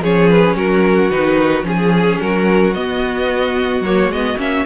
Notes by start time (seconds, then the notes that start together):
0.00 F3 C#4 G#4 C#5
0.29 B4
0.56 F#3 F#4 A#4
1.10 D#3 D#4 B4
1.63 F3 C#4 G#4
2.20 F#3 F#4 A#4
2.74 B3 D#5
3.80 F#3 A#3 C#5
4.08 G#3 B3 D#5
4.37 A#3 C#4 E5